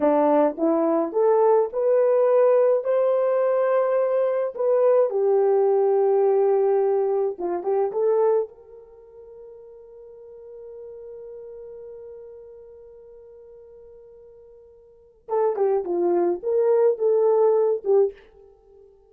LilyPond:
\new Staff \with { instrumentName = "horn" } { \time 4/4 \tempo 4 = 106 d'4 e'4 a'4 b'4~ | b'4 c''2. | b'4 g'2.~ | g'4 f'8 g'8 a'4 ais'4~ |
ais'1~ | ais'1~ | ais'2. a'8 g'8 | f'4 ais'4 a'4. g'8 | }